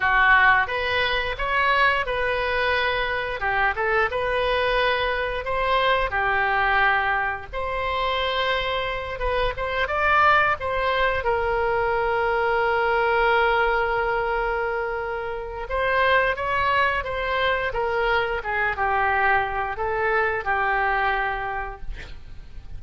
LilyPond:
\new Staff \with { instrumentName = "oboe" } { \time 4/4 \tempo 4 = 88 fis'4 b'4 cis''4 b'4~ | b'4 g'8 a'8 b'2 | c''4 g'2 c''4~ | c''4. b'8 c''8 d''4 c''8~ |
c''8 ais'2.~ ais'8~ | ais'2. c''4 | cis''4 c''4 ais'4 gis'8 g'8~ | g'4 a'4 g'2 | }